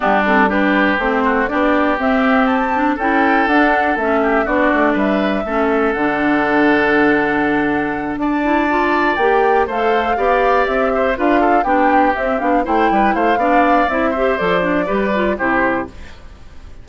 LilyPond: <<
  \new Staff \with { instrumentName = "flute" } { \time 4/4 \tempo 4 = 121 g'8 a'8 b'4 c''4 d''4 | e''4 a''4 g''4 fis''4 | e''4 d''4 e''2 | fis''1~ |
fis''8 a''2 g''4 f''8~ | f''4. e''4 f''4 g''8~ | g''8 e''8 f''8 g''4 f''4. | e''4 d''2 c''4 | }
  \new Staff \with { instrumentName = "oboe" } { \time 4/4 d'4 g'4. fis'8 g'4~ | g'2 a'2~ | a'8 g'8 fis'4 b'4 a'4~ | a'1~ |
a'8 d''2. c''8~ | c''8 d''4. c''8 b'8 a'8 g'8~ | g'4. c''8 b'8 c''8 d''4~ | d''8 c''4. b'4 g'4 | }
  \new Staff \with { instrumentName = "clarinet" } { \time 4/4 b8 c'8 d'4 c'4 d'4 | c'4. d'8 e'4 d'4 | cis'4 d'2 cis'4 | d'1~ |
d'4 e'8 f'4 g'4 a'8~ | a'8 g'2 f'4 d'8~ | d'8 c'8 d'8 e'4. d'4 | e'8 g'8 a'8 d'8 g'8 f'8 e'4 | }
  \new Staff \with { instrumentName = "bassoon" } { \time 4/4 g2 a4 b4 | c'2 cis'4 d'4 | a4 b8 a8 g4 a4 | d1~ |
d8 d'2 ais4 a8~ | a8 b4 c'4 d'4 b8~ | b8 c'8 b8 a8 g8 a8 b4 | c'4 f4 g4 c4 | }
>>